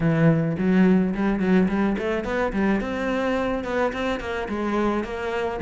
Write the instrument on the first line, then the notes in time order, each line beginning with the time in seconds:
cello
0.00 E3
0.58 F#3
1.14 G3
1.39 F#3
1.68 G3
1.98 A3
2.24 B3
2.52 G3
2.80 C4
3.64 B3
3.93 C4
4.20 A#3
4.48 G#3
5.04 A#3